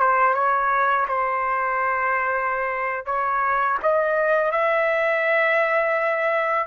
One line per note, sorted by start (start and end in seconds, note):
0.00 0.34 C5
0.34 1.06 C#5
1.07 3.06 C5
3.06 3.78 C#5
3.82 4.51 D#5
4.51 6.67 E5